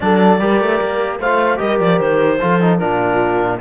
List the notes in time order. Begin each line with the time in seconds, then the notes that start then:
0.00 F#3 D4 A4 D5
0.40 G3 G4 A#4
0.60 A3
0.81 A#3
1.19 A3 F4 C5 F5
1.56 G3 G4 A#4 D#5
1.79 F3 D5
1.99 D#3 C5
2.40 F3 F4 A4
2.60 D#4
2.78 A#2 D4 F4 A#4